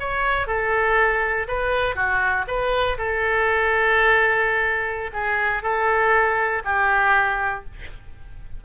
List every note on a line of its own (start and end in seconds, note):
0.00 0.47 C#5
0.47 1.47 A4
1.48 1.95 B4
1.95 2.45 F#4
2.47 2.97 B4
2.98 5.10 A4
5.13 5.62 G#4
5.62 6.62 A4
6.65 7.65 G4